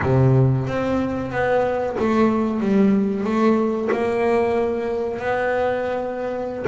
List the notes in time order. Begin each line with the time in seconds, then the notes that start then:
0.02 C3
0.67 C4
1.31 B3
1.99 A3
2.60 G3
3.24 A3
3.92 A#3
5.18 B3